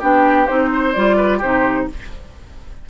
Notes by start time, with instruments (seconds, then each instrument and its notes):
0.00 bassoon B3, clarinet D4, oboe G4, flute G5
0.47 bassoon C4, clarinet D#4, flute C5
0.73 oboe C5
0.94 bassoon G3, clarinet F4, flute D5
1.17 oboe B4
1.38 bassoon C3, clarinet D#4, oboe G4, flute C5